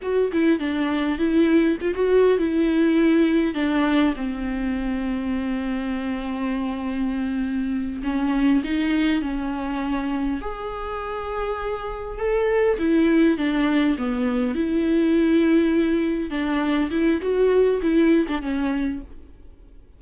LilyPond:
\new Staff \with { instrumentName = "viola" } { \time 4/4 \tempo 4 = 101 fis'8 e'8 d'4 e'4 f'16 fis'8. | e'2 d'4 c'4~ | c'1~ | c'4. cis'4 dis'4 cis'8~ |
cis'4. gis'2~ gis'8~ | gis'8 a'4 e'4 d'4 b8~ | b8 e'2. d'8~ | d'8 e'8 fis'4 e'8. d'16 cis'4 | }